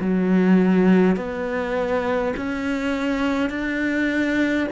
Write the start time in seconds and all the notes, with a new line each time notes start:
0.00 F#3
1.17 B3
2.37 C#4
3.50 D4